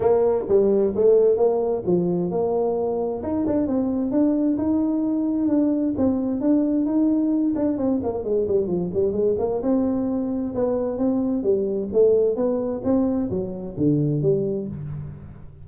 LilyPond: \new Staff \with { instrumentName = "tuba" } { \time 4/4 \tempo 4 = 131 ais4 g4 a4 ais4 | f4 ais2 dis'8 d'8 | c'4 d'4 dis'2 | d'4 c'4 d'4 dis'4~ |
dis'8 d'8 c'8 ais8 gis8 g8 f8 g8 | gis8 ais8 c'2 b4 | c'4 g4 a4 b4 | c'4 fis4 d4 g4 | }